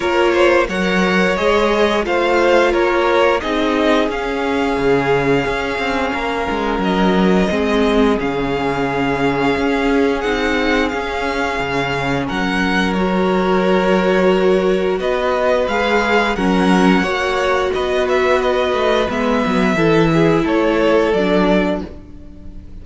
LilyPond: <<
  \new Staff \with { instrumentName = "violin" } { \time 4/4 \tempo 4 = 88 cis''4 fis''4 dis''4 f''4 | cis''4 dis''4 f''2~ | f''2 dis''2 | f''2. fis''4 |
f''2 fis''4 cis''4~ | cis''2 dis''4 f''4 | fis''2 dis''8 e''8 dis''4 | e''2 cis''4 d''4 | }
  \new Staff \with { instrumentName = "violin" } { \time 4/4 ais'8 c''8 cis''2 c''4 | ais'4 gis'2.~ | gis'4 ais'2 gis'4~ | gis'1~ |
gis'2 ais'2~ | ais'2 b'2 | ais'4 cis''4 b'2~ | b'4 a'8 gis'8 a'2 | }
  \new Staff \with { instrumentName = "viola" } { \time 4/4 f'4 ais'4 gis'4 f'4~ | f'4 dis'4 cis'2~ | cis'2. c'4 | cis'2. dis'4 |
cis'2. fis'4~ | fis'2. gis'4 | cis'4 fis'2. | b4 e'2 d'4 | }
  \new Staff \with { instrumentName = "cello" } { \time 4/4 ais4 fis4 gis4 a4 | ais4 c'4 cis'4 cis4 | cis'8 c'8 ais8 gis8 fis4 gis4 | cis2 cis'4 c'4 |
cis'4 cis4 fis2~ | fis2 b4 gis4 | fis4 ais4 b4. a8 | gis8 fis8 e4 a4 fis4 | }
>>